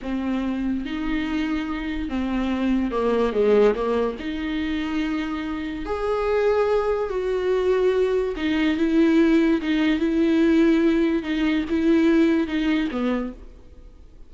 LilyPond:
\new Staff \with { instrumentName = "viola" } { \time 4/4 \tempo 4 = 144 c'2 dis'2~ | dis'4 c'2 ais4 | gis4 ais4 dis'2~ | dis'2 gis'2~ |
gis'4 fis'2. | dis'4 e'2 dis'4 | e'2. dis'4 | e'2 dis'4 b4 | }